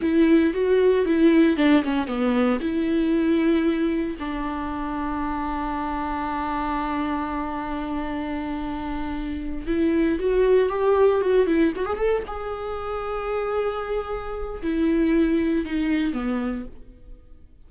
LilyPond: \new Staff \with { instrumentName = "viola" } { \time 4/4 \tempo 4 = 115 e'4 fis'4 e'4 d'8 cis'8 | b4 e'2. | d'1~ | d'1~ |
d'2~ d'8 e'4 fis'8~ | fis'8 g'4 fis'8 e'8 fis'16 gis'16 a'8 gis'8~ | gis'1 | e'2 dis'4 b4 | }